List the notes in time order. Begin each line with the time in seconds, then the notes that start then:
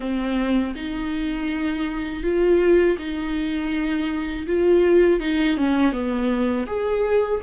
0.00 C4
0.75 D#4
2.23 F4
2.98 D#4
4.46 F4
5.20 D#4
5.57 C#4
5.92 B3
6.67 G#4